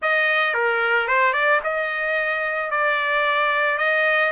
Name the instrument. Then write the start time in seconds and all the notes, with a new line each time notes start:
trumpet
0.01 D#5
0.54 A#4
1.07 C5
1.33 D5
1.63 D#5
2.70 D5
3.77 D#5